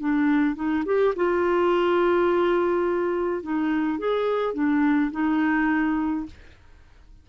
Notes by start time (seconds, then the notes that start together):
0.00 D4
0.55 D#4
0.85 G4
1.16 F4
3.43 D#4
3.99 G#4
4.54 D4
5.12 D#4